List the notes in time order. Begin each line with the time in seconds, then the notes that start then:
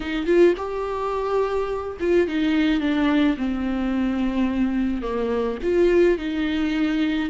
0.00 D#4
0.25 F4
0.57 G4
2.00 F4
2.27 D#4
2.80 D4
3.37 C4
5.02 A#3
5.62 F4
6.18 D#4